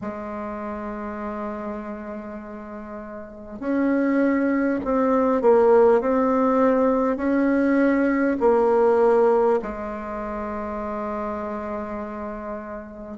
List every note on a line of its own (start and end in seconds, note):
0.01 3.59 G#3
3.59 4.79 C#4
4.84 5.41 C4
5.41 6.00 A#3
6.00 7.17 C4
7.17 8.37 C#4
8.40 9.60 A#3
9.62 13.18 G#3